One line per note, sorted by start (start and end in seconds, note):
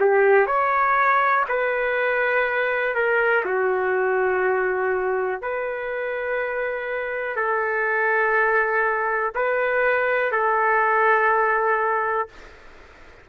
0.00 0.46 G4
0.46 1.45 C#5
1.49 2.95 B4
2.95 3.44 A#4
3.45 5.42 F#4
5.42 7.36 B4
7.36 9.33 A4
9.35 10.32 B4
10.32 12.29 A4